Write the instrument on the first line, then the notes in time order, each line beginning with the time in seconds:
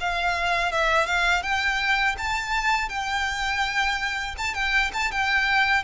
violin
0.00 F5
0.72 E5
1.06 F5
1.43 G5
2.18 A5
2.89 G5
4.38 A5
4.54 G5
4.93 A5
5.11 G5